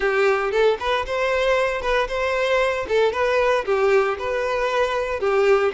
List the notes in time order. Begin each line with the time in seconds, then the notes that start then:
0.00 G4
0.51 A4
0.79 B4
1.06 C5
1.81 B4
2.08 C5
2.88 A4
3.12 B4
3.65 G4
4.19 B4
5.20 G4